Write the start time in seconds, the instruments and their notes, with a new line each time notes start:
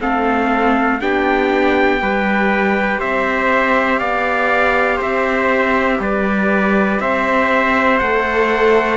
0.00 cello A3, viola C4, trumpet A4 F5
1.01 cello B3, viola D4, trumpet G4 G5
2.01 cello G3, viola G4, trumpet B4
3.00 cello C4, trumpet C5 E5
4.00 cello B3, trumpet D5 F5
4.97 cello C4, trumpet C5 E5
6.00 cello G3, trumpet B4 D5
7.00 cello C4, trumpet C5 E5
7.99 cello A3, viola A4, trumpet F#5